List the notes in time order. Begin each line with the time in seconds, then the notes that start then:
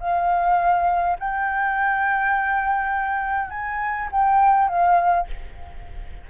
0.00 F5
1.19 G5
3.50 G#5
4.11 G5
4.68 F5